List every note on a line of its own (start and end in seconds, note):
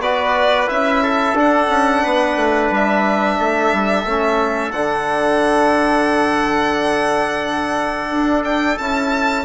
0.00 0.67 B3
0.00 0.67 F#4
0.00 1.03 B4
0.00 0.69 D5
0.67 1.34 C#4
0.67 1.35 E4
0.67 1.37 E5
1.03 2.03 A4
1.34 1.68 D4
1.34 4.06 D4
1.34 2.74 F#5
1.69 2.02 C#4
2.03 2.37 B3
2.03 3.38 B4
2.37 2.70 A3
2.70 3.38 G3
2.70 4.72 E5
3.40 3.73 A3
3.40 9.45 A4
3.73 4.05 G3
4.05 4.73 A3
4.05 4.74 C#4
4.72 8.10 D3
4.72 8.80 D4
4.72 8.43 F#5
8.12 8.79 D4
8.45 8.78 G5
8.78 9.45 C#4
8.78 9.45 E4
8.78 9.45 A5